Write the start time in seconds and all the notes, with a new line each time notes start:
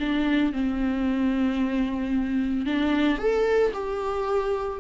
0.00 D4
0.53 C4
2.66 D4
3.19 A4
3.74 G4